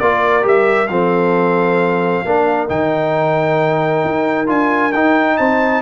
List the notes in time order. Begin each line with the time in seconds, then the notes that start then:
0.00 A#3 F4 A#4 D5
0.42 G3 G4 E5
0.88 F3 C4 A4 F5
2.25 A#3 D4 A#4
2.68 D#3 D#4 G5
4.05 D#4
4.47 D4 F4 G#5
4.93 D#4 G5
5.37 C4 C5 A5